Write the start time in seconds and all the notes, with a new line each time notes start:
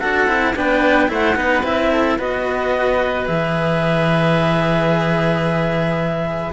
0.00 D4 F#4 A4 F#5
0.27 C4 E4
0.56 B3 D4 B4 G5
1.08 A3 E4 C5 F#5
1.36 B3 D#4 B4
1.63 C4 E4 E5
1.93 A4
2.18 B3 F#4 B4 D#5
3.26 E3 G#4 E5